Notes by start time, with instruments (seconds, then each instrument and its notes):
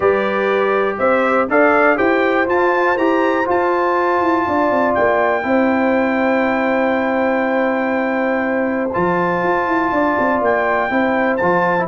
0.00 tuba G3, trombone G4, horn B4, trumpet D5
0.98 tuba C4, horn C5, trumpet E5
1.48 tuba D4, trombone A4, horn D5, trumpet F5
1.95 tuba E4, trombone G4, horn C5, trumpet G5
2.46 trombone F4, tuba F4, trumpet A5
2.97 tuba E4, trombone G4, trumpet A#5
3.45 trombone F4, tuba F4, trumpet A5
4.20 tuba E4
4.46 tuba D4, horn D5
4.70 tuba C4
4.94 tuba A#3, trumpet G5
5.43 tuba C4, trombone E4, horn C5
8.93 tuba F3, trombone F4, trumpet A5
9.43 tuba F4
9.66 tuba E4
9.91 tuba D4, horn D5
10.19 tuba C4
10.41 tuba A#3, trumpet G5
10.89 tuba C4, trombone E4, horn C5
11.36 tuba F3, trombone F4, trumpet A5
11.78 trombone E4